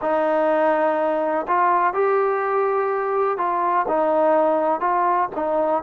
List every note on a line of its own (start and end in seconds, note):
0.01 1.46 D#4
1.47 1.94 F4
1.94 3.37 G4
3.37 3.85 F4
3.88 4.80 D#4
4.80 5.28 F4
5.35 5.82 D#4